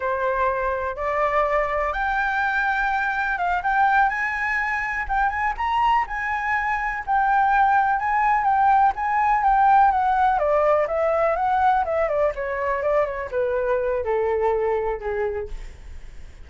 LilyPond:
\new Staff \with { instrumentName = "flute" } { \time 4/4 \tempo 4 = 124 c''2 d''2 | g''2. f''8 g''8~ | g''8 gis''2 g''8 gis''8 ais''8~ | ais''8 gis''2 g''4.~ |
g''8 gis''4 g''4 gis''4 g''8~ | g''8 fis''4 d''4 e''4 fis''8~ | fis''8 e''8 d''8 cis''4 d''8 cis''8 b'8~ | b'4 a'2 gis'4 | }